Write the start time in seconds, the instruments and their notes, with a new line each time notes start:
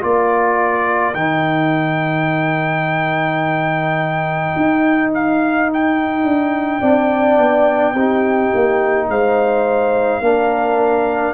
0.00 tuba A#3, trombone F4, horn A#4, trumpet D5
1.14 tuba D#3, trombone D#4, trumpet G5
4.56 tuba D#4
5.14 trumpet F5
5.73 trumpet G5
6.23 tuba D4
6.80 tuba C4, trombone D4, horn D5
7.37 tuba B3
7.94 tuba C4, trombone D#4, horn G4
8.54 tuba A#3
9.08 tuba G#3, horn C5, trumpet F5
10.21 tuba A#3, trombone D4, horn A#4